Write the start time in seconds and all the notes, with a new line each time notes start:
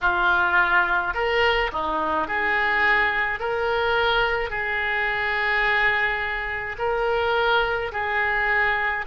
0.01 F4
1.14 A#4
1.72 D#4
2.27 G#4
3.39 A#4
4.50 G#4
6.78 A#4
7.92 G#4